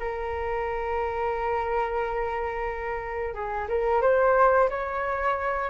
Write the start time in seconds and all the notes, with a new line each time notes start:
0.00 A#4
3.34 G#4
3.69 A#4
4.02 C5
4.70 C#5